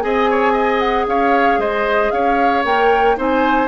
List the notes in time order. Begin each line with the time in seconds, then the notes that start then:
0.00 C4 G#4 D#5 G#5
0.30 C#5
0.52 D#5
0.79 F#5
1.06 C#4 C#5 F5
1.58 G#3 C5 D#5
2.11 C#4 C#5 F5
2.64 A#3 A#4 G5
3.16 C4 D#4 C5 G#5